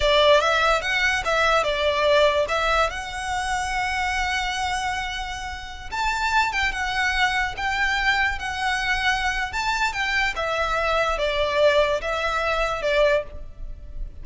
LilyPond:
\new Staff \with { instrumentName = "violin" } { \time 4/4 \tempo 4 = 145 d''4 e''4 fis''4 e''4 | d''2 e''4 fis''4~ | fis''1~ | fis''2~ fis''16 a''4. g''16~ |
g''16 fis''2 g''4.~ g''16~ | g''16 fis''2~ fis''8. a''4 | g''4 e''2 d''4~ | d''4 e''2 d''4 | }